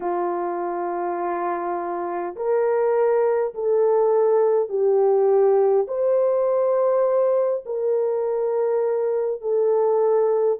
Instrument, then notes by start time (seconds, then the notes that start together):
horn
0.00 F4
2.36 A#4
3.54 A4
4.69 G4
5.87 C5
7.65 A#4
9.41 A4